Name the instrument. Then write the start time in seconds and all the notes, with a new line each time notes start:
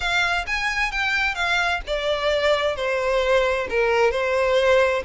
violin
0.00 F5
0.46 G#5
0.91 G5
1.34 F5
1.87 D5
2.76 C5
3.69 A#4
4.11 C5